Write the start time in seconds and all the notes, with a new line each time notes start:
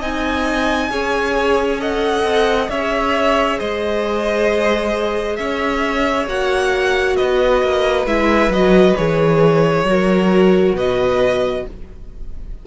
0.00 C4 D#4 D#5 G#5
0.90 C#4 G#4 C#5
1.80 A4 D#5 F#5
2.24 C4
2.69 C#4 G#4 C#5 E5
3.59 G#3 C5 D#5
5.37 C#4 C#5 E5
6.27 A#3 F#4 F#5
7.16 B3 B4 D#5
7.63 A#3
8.07 G#3 E4 E5
8.49 F#3 F#4 D#5
8.96 E3 G#4 C#5
9.84 F#3 F#4 A#4
10.74 B2 B4 D#5